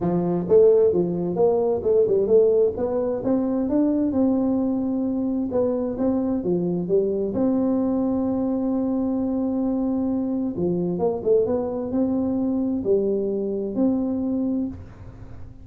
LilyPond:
\new Staff \with { instrumentName = "tuba" } { \time 4/4 \tempo 4 = 131 f4 a4 f4 ais4 | a8 g8 a4 b4 c'4 | d'4 c'2. | b4 c'4 f4 g4 |
c'1~ | c'2. f4 | ais8 a8 b4 c'2 | g2 c'2 | }